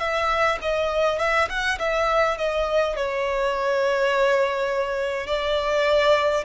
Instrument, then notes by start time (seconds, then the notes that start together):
violin
0.00 E5
0.62 D#5
1.19 E5
1.49 F#5
1.79 E5
2.38 D#5
2.96 C#5
5.27 D5